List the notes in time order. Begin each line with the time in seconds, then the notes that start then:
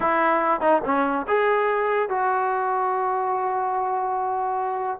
0.00 E4
0.60 D#4
0.84 C#4
1.27 G#4
2.09 F#4